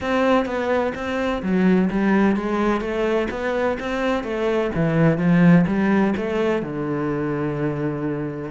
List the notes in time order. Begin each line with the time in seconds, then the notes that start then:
0.00 C4
0.45 B3
0.94 C4
1.42 F#3
1.90 G3
2.35 G#3
2.80 A3
3.30 B3
3.79 C4
4.23 A3
4.74 E3
5.18 F3
5.66 G3
6.16 A3
6.62 D3